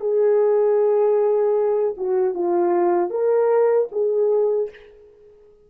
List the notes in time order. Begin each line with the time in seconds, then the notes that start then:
0.00 G#4
1.97 F#4
2.34 F4
3.10 A#4
3.92 G#4